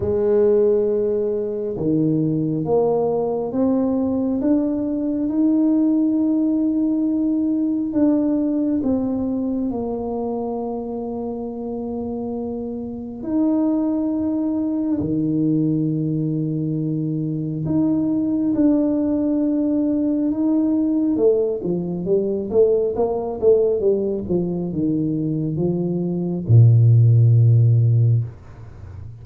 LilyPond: \new Staff \with { instrumentName = "tuba" } { \time 4/4 \tempo 4 = 68 gis2 dis4 ais4 | c'4 d'4 dis'2~ | dis'4 d'4 c'4 ais4~ | ais2. dis'4~ |
dis'4 dis2. | dis'4 d'2 dis'4 | a8 f8 g8 a8 ais8 a8 g8 f8 | dis4 f4 ais,2 | }